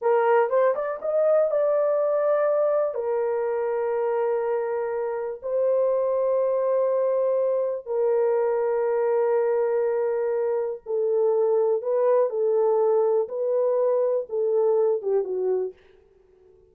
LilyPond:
\new Staff \with { instrumentName = "horn" } { \time 4/4 \tempo 4 = 122 ais'4 c''8 d''8 dis''4 d''4~ | d''2 ais'2~ | ais'2. c''4~ | c''1 |
ais'1~ | ais'2 a'2 | b'4 a'2 b'4~ | b'4 a'4. g'8 fis'4 | }